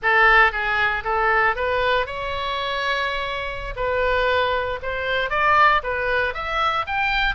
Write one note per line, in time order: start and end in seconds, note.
0.02 0.52 A4
0.52 1.03 G#4
1.03 1.55 A4
1.55 2.06 B4
2.06 3.74 C#5
3.76 4.79 B4
4.82 5.30 C5
5.30 5.81 D5
5.83 6.34 B4
6.34 6.85 E5
6.87 7.35 G5